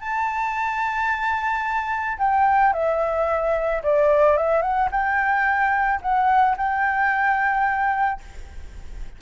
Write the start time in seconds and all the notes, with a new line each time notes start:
0.00 A5
2.19 G5
2.73 E5
3.83 D5
4.37 E5
4.62 F#5
4.92 G5
6.02 F#5
6.57 G5